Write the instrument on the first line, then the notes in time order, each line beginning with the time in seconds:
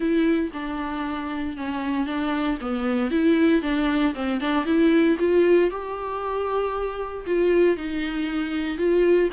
viola
0.00 E4
0.53 D4
1.57 C#4
2.06 D4
2.60 B3
3.10 E4
3.62 D4
4.14 C4
4.40 D4
4.65 E4
5.19 F4
5.70 G4
7.26 F4
7.76 D#4
8.77 F4